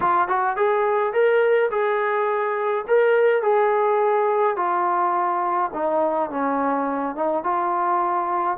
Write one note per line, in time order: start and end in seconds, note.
0.00 0.28 F4
0.28 0.56 F#4
0.56 1.13 G#4
1.13 1.70 A#4
1.70 2.85 G#4
2.87 3.42 A#4
3.42 4.56 G#4
4.56 5.70 F4
5.73 6.30 D#4
6.30 7.15 C#4
7.15 7.43 D#4
7.43 8.57 F4